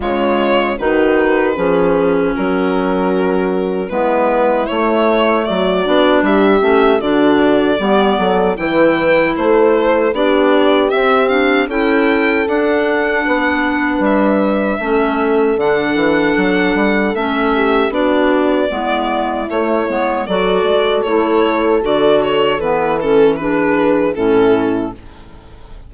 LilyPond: <<
  \new Staff \with { instrumentName = "violin" } { \time 4/4 \tempo 4 = 77 cis''4 b'2 ais'4~ | ais'4 b'4 cis''4 d''4 | e''4 d''2 g''4 | c''4 d''4 e''8 f''8 g''4 |
fis''2 e''2 | fis''2 e''4 d''4~ | d''4 cis''4 d''4 cis''4 | d''8 cis''8 b'8 a'8 b'4 a'4 | }
  \new Staff \with { instrumentName = "horn" } { \time 4/4 f'4 fis'4 gis'4 fis'4~ | fis'4 e'2 fis'4 | g'4 fis'4 g'8 a'8 b'4 | a'4 g'2 a'4~ |
a'4 b'2 a'4~ | a'2~ a'8 g'8 fis'4 | e'2 a'2~ | a'2 gis'4 e'4 | }
  \new Staff \with { instrumentName = "clarinet" } { \time 4/4 gis4 dis'4 cis'2~ | cis'4 b4 a4. d'8~ | d'8 cis'8 d'4 b4 e'4~ | e'4 d'4 c'8 d'8 e'4 |
d'2. cis'4 | d'2 cis'4 d'4 | b4 a8 b8 fis'4 e'4 | fis'4 b8 cis'8 d'4 cis'4 | }
  \new Staff \with { instrumentName = "bassoon" } { \time 4/4 cis4 dis4 f4 fis4~ | fis4 gis4 a4 fis8 b8 | g8 a8 d4 g8 fis8 e4 | a4 b4 c'4 cis'4 |
d'4 b4 g4 a4 | d8 e8 fis8 g8 a4 b4 | gis4 a8 gis8 fis8 gis8 a4 | d4 e2 a,4 | }
>>